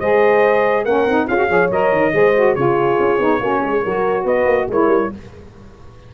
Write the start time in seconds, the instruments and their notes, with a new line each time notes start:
0.00 tuba G#3, saxophone G#4, horn C5, trumpet D#5
0.85 tuba A#3, saxophone C#4, horn A#4, trumpet F#5
1.06 tuba C4, saxophone D#4
1.28 tuba C#4, saxophone F4, horn G#4, trumpet F5
1.37 saxophone F#4
1.48 tuba F3, saxophone G#4, horn C#5
1.71 tuba F#3, saxophone A#4, trumpet D#5
1.92 tuba D#3
2.13 tuba G#3, saxophone G#4, horn C5
2.36 saxophone F#4
2.55 tuba C#3, saxophone F4, horn G#4, trumpet C#5
3.00 tuba C#4
3.19 tuba B3, saxophone D#4
3.40 tuba A#3, saxophone C#4, horn F#4
3.60 tuba G#3, horn G#4
3.82 tuba F#3, saxophone F#4, horn A#4
4.25 tuba B3, horn B4, trumpet D#5
4.46 tuba A#3
4.69 tuba G#3, saxophone E4, horn A#4, trumpet C#5
4.87 tuba G3